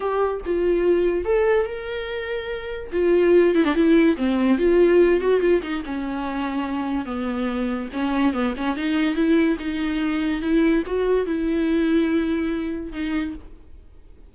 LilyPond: \new Staff \with { instrumentName = "viola" } { \time 4/4 \tempo 4 = 144 g'4 f'2 a'4 | ais'2. f'4~ | f'8 e'16 d'16 e'4 c'4 f'4~ | f'8 fis'8 f'8 dis'8 cis'2~ |
cis'4 b2 cis'4 | b8 cis'8 dis'4 e'4 dis'4~ | dis'4 e'4 fis'4 e'4~ | e'2. dis'4 | }